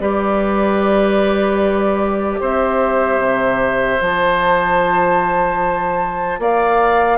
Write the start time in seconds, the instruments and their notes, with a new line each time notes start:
0.00 bassoon G3, clarinet G4, oboe B4, flute D5
2.40 bassoon C4, oboe C5, flute E5
3.19 bassoon C3
3.99 bassoon F3, clarinet F4, flute A5
6.39 bassoon A#3, oboe D5, flute F5